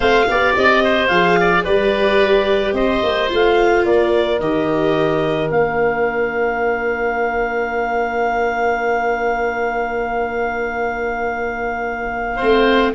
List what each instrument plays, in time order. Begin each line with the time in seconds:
0.00 tuba A3, viola C4, oboe C5, clarinet F5
0.28 tuba B3, viola G4, oboe D5
0.56 tuba C4, clarinet D#5
0.84 oboe C5
1.07 tuba F3, viola G#4, clarinet F5
1.40 oboe D5
1.63 tuba G3, viola G4, oboe B4, clarinet D5
2.73 tuba C4, oboe C5, clarinet D#5
3.03 tuba A#3
3.28 tuba A3, viola F4, clarinet F5
3.84 tuba A#3, oboe A#4, clarinet D5
4.39 tuba D#3, viola G4, clarinet D#5
5.49 tuba A#3, viola D4, clarinet F5
12.36 tuba A3, viola C4, oboe C5